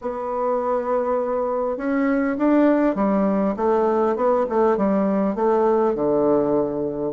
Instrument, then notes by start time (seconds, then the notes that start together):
bassoon
0.01 B3
1.77 C#4
2.38 D4
2.95 G3
3.56 A3
4.16 B3
4.49 A3
4.77 G3
5.35 A3
5.95 D3